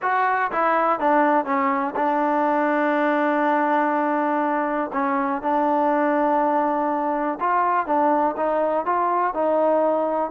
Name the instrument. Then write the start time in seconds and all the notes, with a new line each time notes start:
trombone
0.01 F#4
0.51 E4
0.99 D4
1.45 C#4
1.95 D4
4.92 C#4
5.41 D4
7.39 F4
7.86 D4
8.36 D#4
8.85 F4
9.34 D#4